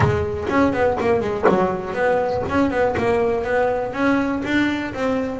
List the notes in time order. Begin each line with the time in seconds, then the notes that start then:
0.00 G#3
0.49 C#4
0.72 B3
1.00 A#3
1.20 G#3
1.49 F#3
1.93 B3
2.49 C#4
2.70 B3
2.97 A#3
3.43 B3
3.93 C#4
4.44 D4
4.93 C4